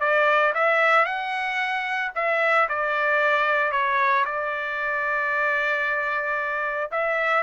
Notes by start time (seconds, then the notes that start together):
0.00 D5
0.54 E5
1.05 F#5
2.15 E5
2.69 D5
3.72 C#5
4.25 D5
6.91 E5